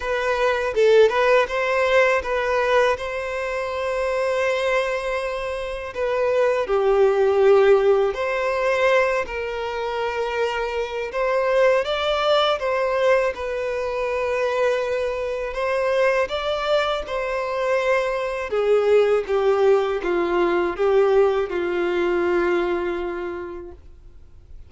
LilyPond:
\new Staff \with { instrumentName = "violin" } { \time 4/4 \tempo 4 = 81 b'4 a'8 b'8 c''4 b'4 | c''1 | b'4 g'2 c''4~ | c''8 ais'2~ ais'8 c''4 |
d''4 c''4 b'2~ | b'4 c''4 d''4 c''4~ | c''4 gis'4 g'4 f'4 | g'4 f'2. | }